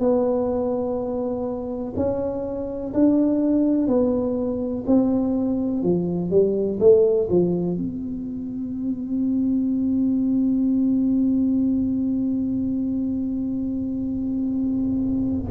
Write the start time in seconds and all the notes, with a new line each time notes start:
0.00 B3
1.96 C#4
2.94 D4
3.88 B3
4.87 C4
5.83 F3
6.31 G3
6.80 A3
7.30 F3
7.77 C4